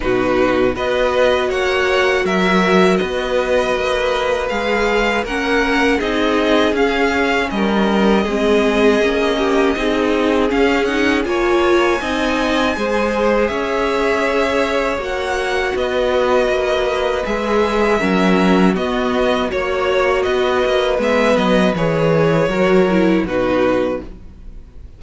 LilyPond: <<
  \new Staff \with { instrumentName = "violin" } { \time 4/4 \tempo 4 = 80 b'4 dis''4 fis''4 e''4 | dis''2 f''4 fis''4 | dis''4 f''4 dis''2~ | dis''2 f''8 fis''8 gis''4~ |
gis''2 e''2 | fis''4 dis''2 e''4~ | e''4 dis''4 cis''4 dis''4 | e''8 dis''8 cis''2 b'4 | }
  \new Staff \with { instrumentName = "violin" } { \time 4/4 fis'4 b'4 cis''4 ais'4 | b'2. ais'4 | gis'2 ais'4 gis'4~ | gis'8 g'8 gis'2 cis''4 |
dis''4 c''4 cis''2~ | cis''4 b'2. | ais'4 fis'4 cis''4 b'4~ | b'2 ais'4 fis'4 | }
  \new Staff \with { instrumentName = "viola" } { \time 4/4 dis'4 fis'2.~ | fis'2 gis'4 cis'4 | dis'4 cis'2 c'4 | cis'4 dis'4 cis'8 dis'8 f'4 |
dis'4 gis'2. | fis'2. gis'4 | cis'4 b4 fis'2 | b4 gis'4 fis'8 e'8 dis'4 | }
  \new Staff \with { instrumentName = "cello" } { \time 4/4 b,4 b4 ais4 fis4 | b4 ais4 gis4 ais4 | c'4 cis'4 g4 gis4 | ais4 c'4 cis'4 ais4 |
c'4 gis4 cis'2 | ais4 b4 ais4 gis4 | fis4 b4 ais4 b8 ais8 | gis8 fis8 e4 fis4 b,4 | }
>>